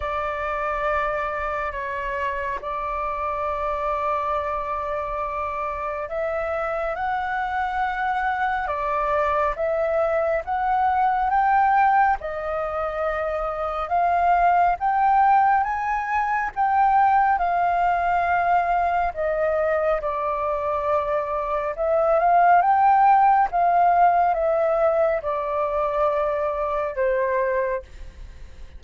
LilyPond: \new Staff \with { instrumentName = "flute" } { \time 4/4 \tempo 4 = 69 d''2 cis''4 d''4~ | d''2. e''4 | fis''2 d''4 e''4 | fis''4 g''4 dis''2 |
f''4 g''4 gis''4 g''4 | f''2 dis''4 d''4~ | d''4 e''8 f''8 g''4 f''4 | e''4 d''2 c''4 | }